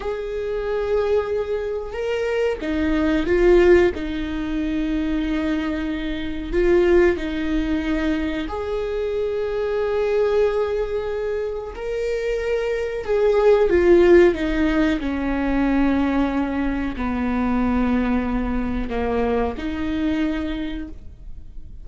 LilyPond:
\new Staff \with { instrumentName = "viola" } { \time 4/4 \tempo 4 = 92 gis'2. ais'4 | dis'4 f'4 dis'2~ | dis'2 f'4 dis'4~ | dis'4 gis'2.~ |
gis'2 ais'2 | gis'4 f'4 dis'4 cis'4~ | cis'2 b2~ | b4 ais4 dis'2 | }